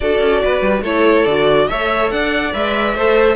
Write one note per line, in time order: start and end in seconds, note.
0.00 0.20 D4
0.00 0.85 F#4
0.00 0.43 A4
0.00 0.82 D5
0.20 0.41 C#4
0.43 0.61 B3
0.43 0.82 B4
0.61 0.82 G3
0.82 1.24 A3
0.82 1.27 E4
0.82 1.67 A4
0.82 1.25 C#5
1.25 1.68 D3
1.25 1.69 F#4
1.25 1.67 D5
1.67 2.11 A3
1.67 2.53 A4
1.67 2.12 C#5
1.67 2.10 E5
2.11 2.53 D4
2.11 2.95 D5
2.11 2.53 F#5
2.53 2.96 G#3
2.53 2.95 B4
2.53 3.35 E5
2.95 3.35 A3
2.95 3.35 A4
2.95 3.35 C5